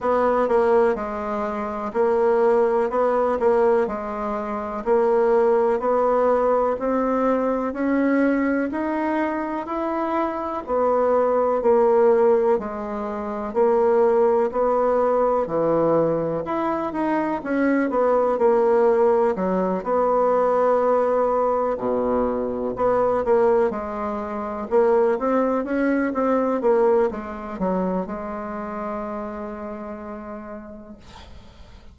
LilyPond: \new Staff \with { instrumentName = "bassoon" } { \time 4/4 \tempo 4 = 62 b8 ais8 gis4 ais4 b8 ais8 | gis4 ais4 b4 c'4 | cis'4 dis'4 e'4 b4 | ais4 gis4 ais4 b4 |
e4 e'8 dis'8 cis'8 b8 ais4 | fis8 b2 b,4 b8 | ais8 gis4 ais8 c'8 cis'8 c'8 ais8 | gis8 fis8 gis2. | }